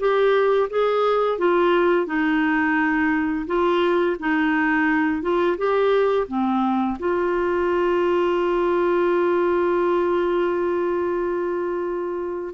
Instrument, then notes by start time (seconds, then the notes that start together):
clarinet
0.00 G4
0.70 G#4
1.39 F4
2.07 D#4
3.47 F4
4.20 D#4
5.22 F4
5.58 G4
6.28 C4
7.00 F4